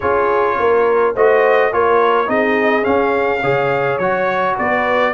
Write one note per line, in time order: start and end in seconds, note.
0.00 0.58 C#4
0.00 1.15 F4
0.00 0.57 G#4
0.00 1.14 C#5
0.58 1.15 A#3
0.58 1.14 A#4
1.14 1.72 A3
1.14 1.72 F#4
1.14 1.71 C5
1.14 1.73 D#5
1.72 2.28 A#3
1.72 2.26 F4
1.72 2.28 A#4
1.72 2.29 C#5
2.26 2.85 C4
2.26 2.82 D#4
2.26 3.41 G#4
2.26 2.84 D#5
2.82 3.39 C#4
2.82 3.43 C#4
2.82 3.97 F5
3.41 3.98 C#3
3.41 4.00 G#4
3.41 4.55 C#5
3.97 4.55 F#3
3.97 5.13 F#4
3.97 4.55 C#5
4.56 5.13 B3
4.56 5.13 B4
4.56 5.13 D5